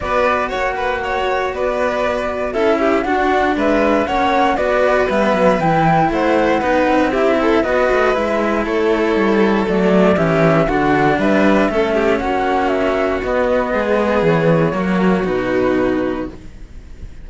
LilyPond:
<<
  \new Staff \with { instrumentName = "flute" } { \time 4/4 \tempo 4 = 118 d''4 fis''2 d''4~ | d''4 e''4 fis''4 e''4 | fis''4 d''4 e''4 g''4 | fis''2 e''4 dis''4 |
e''4 cis''2 d''4 | e''4 fis''4 e''2 | fis''4 e''4 dis''2 | cis''2 b'2 | }
  \new Staff \with { instrumentName = "violin" } { \time 4/4 b'4 cis''8 b'8 cis''4 b'4~ | b'4 a'8 g'8 fis'4 b'4 | cis''4 b'2. | c''4 b'4 g'8 a'8 b'4~ |
b'4 a'2. | g'4 fis'4 b'4 a'8 g'8 | fis'2. gis'4~ | gis'4 fis'2. | }
  \new Staff \with { instrumentName = "cello" } { \time 4/4 fis'1~ | fis'4 e'4 d'2 | cis'4 fis'4 b4 e'4~ | e'4 dis'4 e'4 fis'4 |
e'2. a4 | cis'4 d'2 cis'4~ | cis'2 b2~ | b4 ais4 dis'2 | }
  \new Staff \with { instrumentName = "cello" } { \time 4/4 b4 ais2 b4~ | b4 cis'4 d'4 gis4 | ais4 b4 g8 fis8 e4 | a4 b8 c'4. b8 a8 |
gis4 a4 g4 fis4 | e4 d4 g4 a4 | ais2 b4 gis4 | e4 fis4 b,2 | }
>>